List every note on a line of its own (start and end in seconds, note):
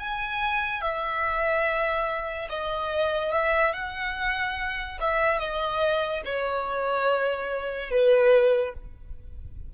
0.00 0.82 G#5
0.82 2.48 E5
2.49 3.33 D#5
3.33 3.73 E5
3.73 4.98 F#5
5.01 5.39 E5
5.39 6.22 D#5
6.25 7.91 C#5
7.91 8.74 B4